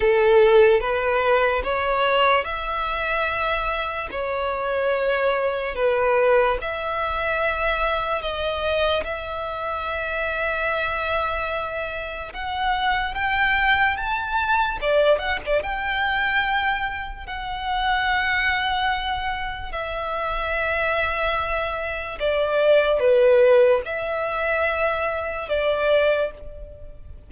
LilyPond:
\new Staff \with { instrumentName = "violin" } { \time 4/4 \tempo 4 = 73 a'4 b'4 cis''4 e''4~ | e''4 cis''2 b'4 | e''2 dis''4 e''4~ | e''2. fis''4 |
g''4 a''4 d''8 fis''16 d''16 g''4~ | g''4 fis''2. | e''2. d''4 | b'4 e''2 d''4 | }